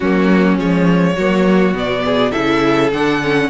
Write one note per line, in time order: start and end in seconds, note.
0.00 0.59 F#3
0.00 0.57 A#3
0.00 1.14 C#4
0.00 0.58 F#4
0.57 1.17 F3
0.57 1.16 G#3
0.57 1.76 C#5
1.14 1.73 F#3
1.14 1.74 A#3
1.14 2.02 F#4
1.73 2.31 B2
1.73 2.32 B3
1.73 2.31 D5
2.04 2.31 G#4
2.31 2.92 C#3
2.31 2.90 E4
2.31 3.48 A4
2.31 2.89 E5
2.92 3.49 D3
2.92 3.21 D4
2.92 3.49 F#5
3.21 3.49 C#4